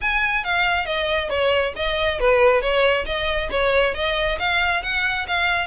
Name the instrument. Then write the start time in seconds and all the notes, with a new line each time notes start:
violin
0.01 G#5
0.44 F5
0.85 D#5
1.29 C#5
1.75 D#5
2.19 B4
2.61 C#5
3.05 D#5
3.50 C#5
3.94 D#5
4.39 F5
4.82 F#5
5.27 F5